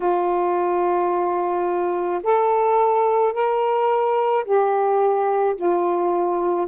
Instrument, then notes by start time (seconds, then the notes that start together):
saxophone
0.00 F4
2.23 A4
3.33 A#4
4.44 G4
5.56 F4